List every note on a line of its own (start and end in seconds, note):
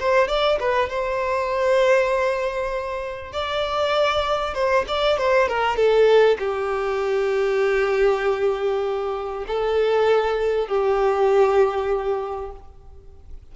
0.00 0.28 C5
0.28 0.59 D5
0.60 0.90 B4
0.90 3.33 C5
3.33 4.55 D5
4.55 4.85 C5
4.88 5.18 D5
5.18 5.49 C5
5.49 5.76 A#4
5.76 6.38 A4
6.39 9.45 G4
9.48 10.68 A4
10.68 12.52 G4